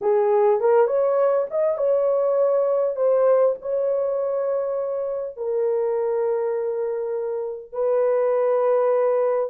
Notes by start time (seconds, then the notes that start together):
0.01 G#4
0.60 A#4
0.87 C#5
1.50 D#5
1.77 C#5
2.95 C5
3.61 C#5
5.36 A#4
7.72 B4